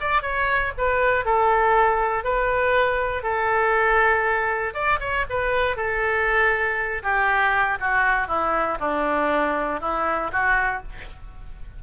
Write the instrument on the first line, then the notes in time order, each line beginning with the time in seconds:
oboe
0.00 D5
0.22 C#5
0.77 B4
1.25 A4
2.24 B4
3.22 A4
4.74 D5
5.00 C#5
5.29 B4
5.76 A4
7.02 G4
7.80 F#4
8.27 E4
8.80 D4
9.80 E4
10.32 F#4